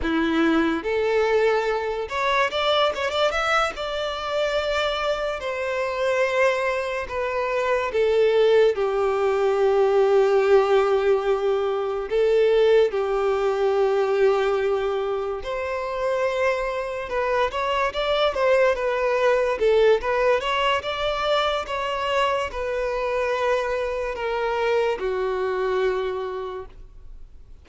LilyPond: \new Staff \with { instrumentName = "violin" } { \time 4/4 \tempo 4 = 72 e'4 a'4. cis''8 d''8 cis''16 d''16 | e''8 d''2 c''4.~ | c''8 b'4 a'4 g'4.~ | g'2~ g'8 a'4 g'8~ |
g'2~ g'8 c''4.~ | c''8 b'8 cis''8 d''8 c''8 b'4 a'8 | b'8 cis''8 d''4 cis''4 b'4~ | b'4 ais'4 fis'2 | }